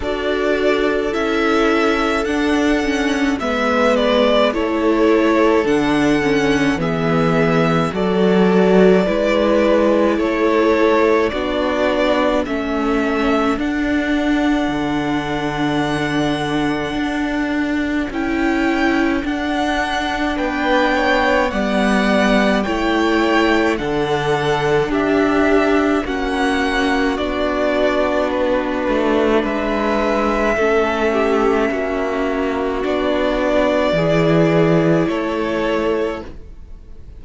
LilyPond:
<<
  \new Staff \with { instrumentName = "violin" } { \time 4/4 \tempo 4 = 53 d''4 e''4 fis''4 e''8 d''8 | cis''4 fis''4 e''4 d''4~ | d''4 cis''4 d''4 e''4 | fis''1 |
g''4 fis''4 g''4 fis''4 | g''4 fis''4 e''4 fis''4 | d''4 b'4 e''2~ | e''4 d''2 cis''4 | }
  \new Staff \with { instrumentName = "violin" } { \time 4/4 a'2. b'4 | a'2 gis'4 a'4 | b'4 a'4 fis'4 a'4~ | a'1~ |
a'2 b'8 cis''8 d''4 | cis''4 a'4 g'4 fis'4~ | fis'2 b'4 a'8 g'8 | fis'2 gis'4 a'4 | }
  \new Staff \with { instrumentName = "viola" } { \time 4/4 fis'4 e'4 d'8 cis'8 b4 | e'4 d'8 cis'8 b4 fis'4 | e'2 d'4 cis'4 | d'1 |
e'4 d'2 b4 | e'4 d'2 cis'4 | d'2. cis'4~ | cis'4 d'4 e'2 | }
  \new Staff \with { instrumentName = "cello" } { \time 4/4 d'4 cis'4 d'4 gis4 | a4 d4 e4 fis4 | gis4 a4 b4 a4 | d'4 d2 d'4 |
cis'4 d'4 b4 g4 | a4 d4 d'4 ais4 | b4. a8 gis4 a4 | ais4 b4 e4 a4 | }
>>